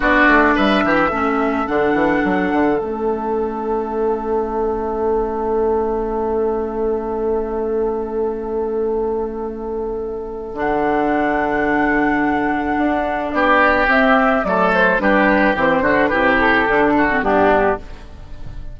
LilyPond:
<<
  \new Staff \with { instrumentName = "flute" } { \time 4/4 \tempo 4 = 108 d''4 e''2 fis''4~ | fis''4 e''2.~ | e''1~ | e''1~ |
e''2. fis''4~ | fis''1 | d''4 e''4 d''8 c''8 b'4 | c''4 b'8 a'4. g'4 | }
  \new Staff \with { instrumentName = "oboe" } { \time 4/4 fis'4 b'8 g'8 a'2~ | a'1~ | a'1~ | a'1~ |
a'1~ | a'1 | g'2 a'4 g'4~ | g'8 fis'8 g'4. fis'8 d'4 | }
  \new Staff \with { instrumentName = "clarinet" } { \time 4/4 d'2 cis'4 d'4~ | d'4 cis'2.~ | cis'1~ | cis'1~ |
cis'2. d'4~ | d'1~ | d'4 c'4 a4 d'4 | c'8 d'8 e'4 d'8. c'16 b4 | }
  \new Staff \with { instrumentName = "bassoon" } { \time 4/4 b8 a8 g8 e8 a4 d8 e8 | fis8 d8 a2.~ | a1~ | a1~ |
a2. d4~ | d2. d'4 | b4 c'4 fis4 g4 | e8 d8 c4 d4 g,4 | }
>>